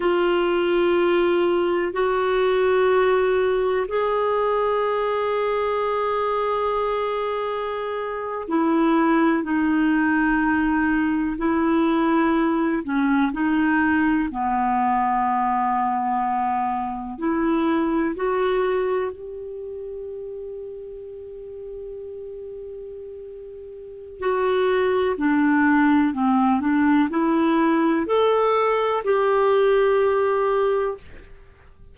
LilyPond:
\new Staff \with { instrumentName = "clarinet" } { \time 4/4 \tempo 4 = 62 f'2 fis'2 | gis'1~ | gis'8. e'4 dis'2 e'16~ | e'4~ e'16 cis'8 dis'4 b4~ b16~ |
b4.~ b16 e'4 fis'4 g'16~ | g'1~ | g'4 fis'4 d'4 c'8 d'8 | e'4 a'4 g'2 | }